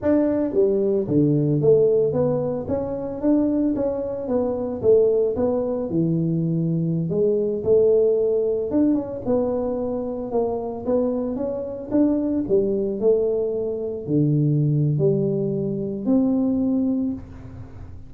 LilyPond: \new Staff \with { instrumentName = "tuba" } { \time 4/4 \tempo 4 = 112 d'4 g4 d4 a4 | b4 cis'4 d'4 cis'4 | b4 a4 b4 e4~ | e4~ e16 gis4 a4.~ a16~ |
a16 d'8 cis'8 b2 ais8.~ | ais16 b4 cis'4 d'4 g8.~ | g16 a2 d4.~ d16 | g2 c'2 | }